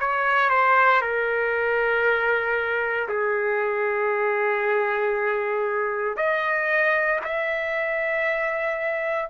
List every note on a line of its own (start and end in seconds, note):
0.00 0.50 C#5
0.50 1.02 C5
1.02 3.08 A#4
3.09 6.17 G#4
6.17 7.20 D#5
7.25 9.30 E5